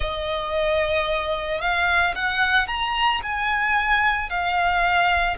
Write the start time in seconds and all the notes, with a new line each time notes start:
0.00 D#5
1.61 F5
2.15 F#5
2.67 A#5
3.22 G#5
4.29 F5